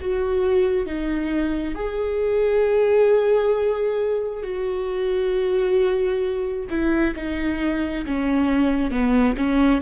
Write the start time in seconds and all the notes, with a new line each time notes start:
0.00 F#4
0.86 D#4
1.75 G#4
4.42 F#4
6.70 E4
7.16 D#4
8.05 C#4
8.91 B3
9.37 C#4